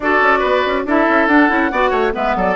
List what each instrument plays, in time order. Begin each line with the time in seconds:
0.00 bassoon D4, clarinet F#4, oboe A4, flute D5
0.21 bassoon C#4
0.39 bassoon B3, oboe B4
0.66 bassoon C#4
0.85 bassoon D4, clarinet E4, oboe A4, flute E5
1.08 bassoon C#4
1.27 bassoon D4, clarinet D4, flute F#5
1.49 bassoon C#4, clarinet E4
1.71 bassoon B3, clarinet F#4, oboe D5
1.90 bassoon A3, oboe C#5
2.12 bassoon G#3, clarinet B3, oboe B4, flute E5
2.35 bassoon F#3, oboe A4, flute D5